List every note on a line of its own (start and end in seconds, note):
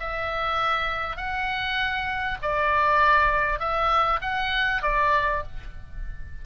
0.00 1.17 E5
1.17 2.38 F#5
2.42 3.59 D5
3.59 4.20 E5
4.21 4.82 F#5
4.82 5.43 D5